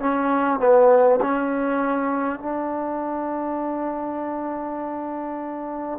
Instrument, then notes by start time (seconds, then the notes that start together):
trombone
0.00 C#4
0.60 B3
1.21 C#4
2.40 D4